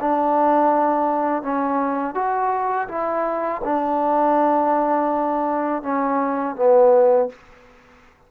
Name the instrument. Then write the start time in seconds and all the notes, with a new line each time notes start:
trombone
0.00 D4
1.43 C#4
2.15 F#4
2.88 E4
3.64 D4
5.82 C#4
6.56 B3